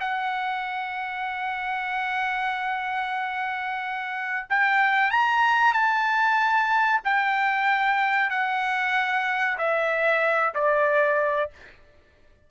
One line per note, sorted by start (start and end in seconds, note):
0.00 4.47 F#5
4.49 5.11 G5
5.11 5.73 A#5
5.73 7.01 A5
7.04 8.30 G5
8.30 9.57 F#5
9.58 10.54 E5
10.55 11.50 D5